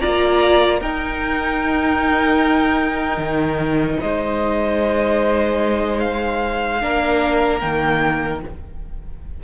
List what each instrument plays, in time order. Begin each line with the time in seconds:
0.00 cello A#3, viola F4, violin D5 A#5
0.80 cello D#4, viola D#4, violin A#4 G5
3.18 cello D#3
4.00 cello G#3, violin C5 D#5
5.99 violin F5
6.81 cello A#3, viola D4, violin A#4
7.60 cello D#3, viola A#3, violin G5